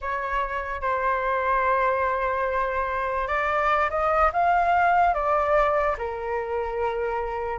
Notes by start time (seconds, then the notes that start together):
0.01 C#5
0.81 C5
3.27 D5
3.90 D#5
4.33 F5
5.14 D5
5.97 A#4